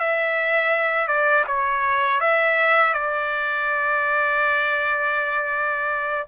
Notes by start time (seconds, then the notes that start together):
0.00 E5
1.08 D5
1.47 C#5
2.21 E5
2.94 D5